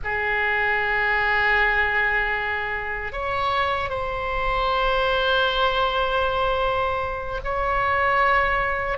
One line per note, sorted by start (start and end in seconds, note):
0.04 3.12 G#4
3.12 3.89 C#5
3.89 7.40 C5
7.43 8.98 C#5